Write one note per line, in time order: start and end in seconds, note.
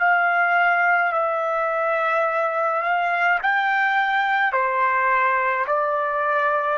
0.00 1.13 F5
1.13 2.83 E5
2.83 3.39 F5
3.42 4.52 G5
4.52 5.66 C5
5.67 6.78 D5